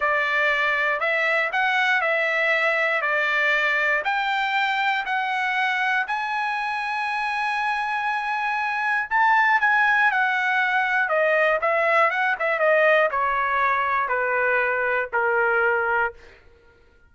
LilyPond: \new Staff \with { instrumentName = "trumpet" } { \time 4/4 \tempo 4 = 119 d''2 e''4 fis''4 | e''2 d''2 | g''2 fis''2 | gis''1~ |
gis''2 a''4 gis''4 | fis''2 dis''4 e''4 | fis''8 e''8 dis''4 cis''2 | b'2 ais'2 | }